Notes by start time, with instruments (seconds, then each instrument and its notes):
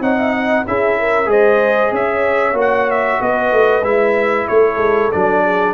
0.00 tuba C4, trombone D#4, horn C#5, trumpet F#5
0.18 horn E5
0.32 horn D#5
0.67 tuba C#4, trombone E4, horn G#4, trumpet E5
0.99 horn A#4
1.26 tuba G#3, trombone G#4, horn C5, trumpet D#5
1.92 tuba C#4, horn C#5, trumpet E5
2.54 tuba A#3, trombone F#4
2.61 trumpet F#5
2.91 trumpet E5
3.22 tuba B3, horn B4, trumpet D#5
3.53 tuba A3
3.83 tuba G#3, trombone E4, trumpet E5
4.48 tuba A3, horn A4, trumpet C#5
4.78 tuba G#3
5.12 tuba F#3, trombone D4, trumpet D5
5.44 horn G#4